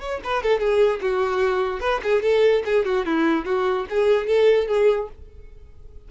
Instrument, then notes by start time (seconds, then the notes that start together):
violin
0.00 C#5
0.24 B4
0.43 A4
0.59 G#4
1.01 F#4
1.80 B4
2.03 G#4
2.22 A4
2.65 G#4
2.85 F#4
3.06 E4
3.45 F#4
3.89 G#4
4.27 A4
4.68 G#4